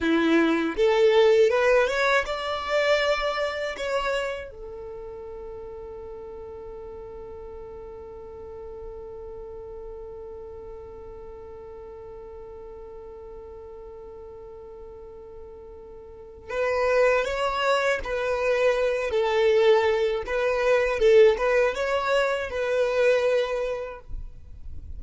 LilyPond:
\new Staff \with { instrumentName = "violin" } { \time 4/4 \tempo 4 = 80 e'4 a'4 b'8 cis''8 d''4~ | d''4 cis''4 a'2~ | a'1~ | a'1~ |
a'1~ | a'2 b'4 cis''4 | b'4. a'4. b'4 | a'8 b'8 cis''4 b'2 | }